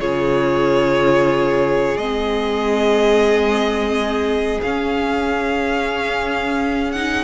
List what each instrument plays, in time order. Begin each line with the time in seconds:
0.00 cello C#3, viola F4, violin G#4 C#5
1.96 cello G#3, viola C4, violin D#5
4.62 viola C#4, cello C#4, violin F5
6.92 viola D#4, violin F#5